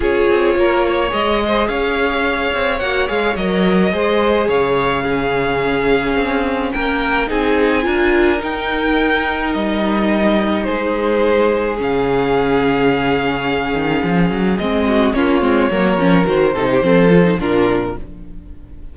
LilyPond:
<<
  \new Staff \with { instrumentName = "violin" } { \time 4/4 \tempo 4 = 107 cis''2 dis''4 f''4~ | f''4 fis''8 f''8 dis''2 | f''1 | g''4 gis''2 g''4~ |
g''4 dis''2 c''4~ | c''4 f''2.~ | f''2 dis''4 cis''4~ | cis''4 c''2 ais'4 | }
  \new Staff \with { instrumentName = "violin" } { \time 4/4 gis'4 ais'8 cis''4 c''8 cis''4~ | cis''2. c''4 | cis''4 gis'2. | ais'4 gis'4 ais'2~ |
ais'2. gis'4~ | gis'1~ | gis'2~ gis'8 fis'8 f'4 | ais'4. a'16 g'16 a'4 f'4 | }
  \new Staff \with { instrumentName = "viola" } { \time 4/4 f'2 gis'2~ | gis'4 fis'8 gis'8 ais'4 gis'4~ | gis'4 cis'2.~ | cis'4 dis'4 f'4 dis'4~ |
dis'1~ | dis'4 cis'2.~ | cis'2 c'4 cis'8 c'8 | ais8 cis'8 fis'8 dis'8 c'8 f'16 dis'16 d'4 | }
  \new Staff \with { instrumentName = "cello" } { \time 4/4 cis'8 c'8 ais4 gis4 cis'4~ | cis'8 c'8 ais8 gis8 fis4 gis4 | cis2. c'4 | ais4 c'4 d'4 dis'4~ |
dis'4 g2 gis4~ | gis4 cis2.~ | cis8 dis8 f8 fis8 gis4 ais8 gis8 | fis8 f8 dis8 c8 f4 ais,4 | }
>>